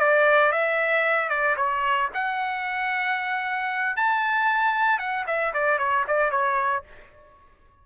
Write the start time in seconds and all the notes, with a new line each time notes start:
0.00 D5
0.52 E5
1.30 D5
1.57 C#5
2.14 F#5
3.97 A5
4.99 F#5
5.27 E5
5.54 D5
5.79 C#5
6.08 D5
6.31 C#5